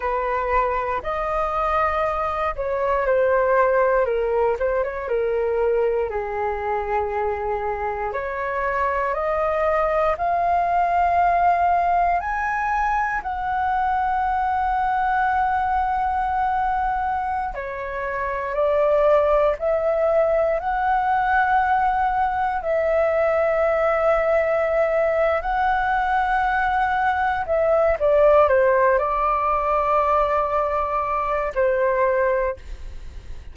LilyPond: \new Staff \with { instrumentName = "flute" } { \time 4/4 \tempo 4 = 59 b'4 dis''4. cis''8 c''4 | ais'8 c''16 cis''16 ais'4 gis'2 | cis''4 dis''4 f''2 | gis''4 fis''2.~ |
fis''4~ fis''16 cis''4 d''4 e''8.~ | e''16 fis''2 e''4.~ e''16~ | e''4 fis''2 e''8 d''8 | c''8 d''2~ d''8 c''4 | }